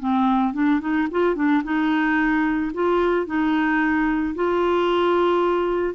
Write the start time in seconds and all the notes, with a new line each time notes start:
0.00 C4
0.54 D4
0.81 D#4
1.12 F4
1.36 D4
1.64 D#4
2.74 F4
3.27 D#4
4.35 F4